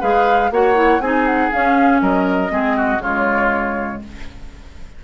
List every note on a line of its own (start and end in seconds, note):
0.00 0.51 G#3
0.00 0.51 G#4
0.00 0.50 B4
0.00 0.51 F5
0.51 1.00 A#3
0.51 0.75 F#4
0.51 1.02 C#5
0.51 1.01 F#5
0.75 1.00 E4
1.00 1.50 C4
1.00 1.51 D#4
1.00 2.02 G#4
1.00 1.26 G#5
1.26 1.51 F#5
1.51 2.49 C#4
1.51 2.01 C#4
1.51 2.01 F5
2.01 2.50 F#3
2.01 2.52 A#4
2.01 3.02 D#5
2.49 2.98 G#3
2.49 2.99 C4
2.49 2.77 G#4
2.77 3.02 F#4
2.98 3.98 C#3
2.98 4.04 G#3
2.98 4.02 F4
2.98 4.02 C#5